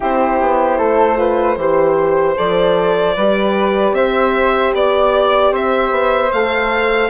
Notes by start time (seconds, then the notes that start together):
0.00 C4 E4 G4 C5
0.40 B3
0.78 A3 A4
1.16 F4 B4
1.56 E3 G4 C5
2.36 F3 A4 D5
3.15 G3 G4 B4
3.92 C4 C5 E5
4.73 B3 D5
5.51 C4 C5 E5
5.90 B3
6.32 A3 A4 F5